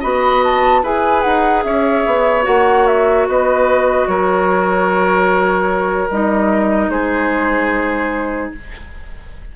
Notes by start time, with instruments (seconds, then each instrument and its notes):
0.00 bassoon B3, clarinet F#4, oboe D#5, flute B5
0.44 flute A5
0.82 bassoon E4, clarinet G#4, oboe B4, flute G#5
1.22 bassoon D#4, flute F#5
1.63 bassoon C#4, oboe C#5, flute E5
2.06 bassoon B3
2.42 bassoon A#3, clarinet F#4, flute F#5
2.86 flute E5
3.28 bassoon B3, oboe B4, flute D#5
4.07 bassoon F#3, oboe A#4, flute C#5
6.10 bassoon G3, clarinet D#4, flute D#5
6.88 bassoon G#3, oboe G#4, flute C5